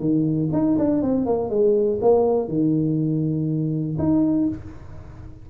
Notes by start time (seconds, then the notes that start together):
0.00 D#3
0.53 D#4
0.79 D4
1.03 C4
1.26 A#3
1.50 G#3
2.02 A#3
2.48 D#3
3.99 D#4